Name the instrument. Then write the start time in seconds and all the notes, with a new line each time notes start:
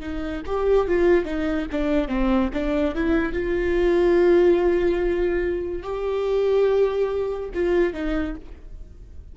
viola
0.00 D#4
0.46 G4
0.88 F4
1.25 D#4
1.72 D4
2.08 C4
2.53 D4
2.95 E4
3.33 F4
5.83 G4
7.54 F4
7.94 D#4